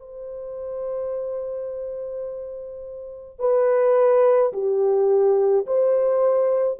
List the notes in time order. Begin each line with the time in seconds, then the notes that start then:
0.00 C5
3.40 B4
4.53 G4
5.67 C5